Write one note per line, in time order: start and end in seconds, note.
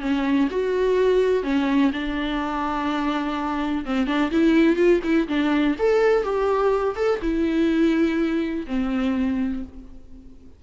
0.00 0.48 C#4
0.50 1.43 F#4
1.43 1.91 C#4
1.92 3.84 D4
3.85 4.06 C4
4.06 4.30 D4
4.31 4.76 E4
4.76 5.00 F4
5.03 5.27 E4
5.28 5.76 D4
5.78 6.23 A4
6.23 6.95 G4
6.95 7.19 A4
7.22 8.66 E4
8.66 9.62 C4